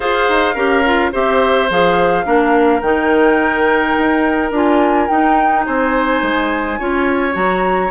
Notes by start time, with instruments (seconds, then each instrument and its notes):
0.00 bassoon F4, clarinet G#4, oboe C5, flute F5
0.28 bassoon D#4
0.54 bassoon C#4, clarinet G4, oboe A#4
0.85 clarinet F4
1.12 bassoon C4, clarinet G4, oboe C5, flute E5
1.69 bassoon F3, clarinet G#4, flute F5
2.24 bassoon A#3, clarinet D4, oboe A#4
2.81 bassoon D#3, clarinet D#4, flute G5
3.97 bassoon D#4
4.51 bassoon D4, clarinet F4, flute G#5
5.07 clarinet D#4, bassoon D#4, flute G5
5.66 bassoon C4, oboe C5, flute G#5
6.22 bassoon G#3
6.78 bassoon C#4, clarinet F4, oboe C#5
7.32 bassoon F#3, clarinet F#4, flute A#5